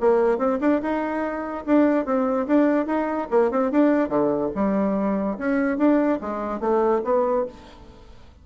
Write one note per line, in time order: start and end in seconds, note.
0.00 0.38 A#3
0.38 0.59 C4
0.61 0.81 D4
0.82 1.65 D#4
1.66 2.05 D4
2.05 2.47 C4
2.47 2.86 D4
2.86 3.28 D#4
3.30 3.51 A#3
3.51 3.71 C4
3.71 4.09 D4
4.09 4.50 D3
4.55 5.38 G3
5.38 5.78 C#4
5.78 6.19 D4
6.21 6.60 G#3
6.60 7.02 A3
7.04 7.46 B3